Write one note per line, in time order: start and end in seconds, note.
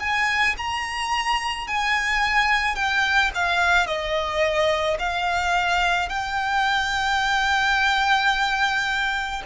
0.00 0.56 G#5
0.58 1.68 A#5
1.68 2.75 G#5
2.75 3.31 G5
3.35 3.86 F5
3.86 4.97 D#5
4.99 6.09 F5
6.09 9.42 G5